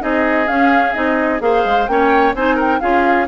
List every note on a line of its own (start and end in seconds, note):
0.00 0.48 C4
0.00 0.47 D#4
0.00 1.42 G#4
0.00 0.48 D#5
0.48 0.94 C#4
0.48 0.95 C#4
0.48 0.94 F5
0.94 1.40 C4
0.94 1.40 D#4
0.94 1.40 D#5
1.40 1.64 A#3
1.40 1.86 G#4
1.40 1.91 C5
1.40 1.87 F5
1.65 1.88 G#3
1.87 2.34 A#3
1.87 2.35 C#4
1.87 2.36 C#5
1.87 2.34 G5
2.34 2.81 C4
2.34 2.81 D#4
2.34 2.55 C5
2.34 2.59 G#5
2.55 2.78 A#4
2.55 2.80 G5
2.80 3.28 C#4
2.80 3.28 F4
2.80 3.28 G#4
2.80 3.27 F5